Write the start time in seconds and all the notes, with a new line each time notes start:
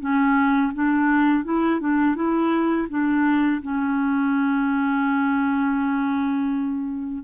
0.00 C#4
0.73 D4
1.44 E4
1.80 D4
2.15 E4
2.89 D4
3.62 C#4